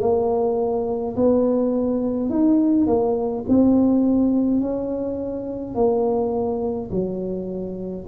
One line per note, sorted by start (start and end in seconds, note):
0.00 1.15 A#3
1.16 2.30 B3
2.30 2.87 D#4
2.87 3.45 A#3
3.49 4.61 C4
4.61 5.75 C#4
5.75 6.90 A#3
6.91 8.06 F#3